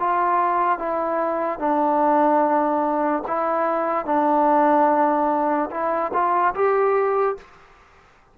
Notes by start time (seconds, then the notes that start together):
0.00 F4
0.79 E4
1.60 D4
3.28 E4
4.06 D4
5.71 E4
6.14 F4
6.55 G4